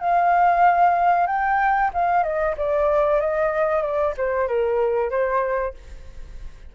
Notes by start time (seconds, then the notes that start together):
0.00 F5
1.27 G5
1.94 F5
2.23 D#5
2.57 D5
3.21 D#5
3.82 D5
4.17 C5
4.48 A#4
5.10 C5